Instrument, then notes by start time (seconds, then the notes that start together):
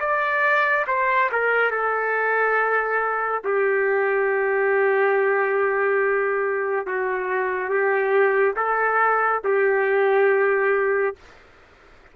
trumpet
0.00 D5
0.87 C5
1.32 A#4
1.71 A4
3.44 G4
6.86 F#4
7.69 G4
8.56 A4
9.44 G4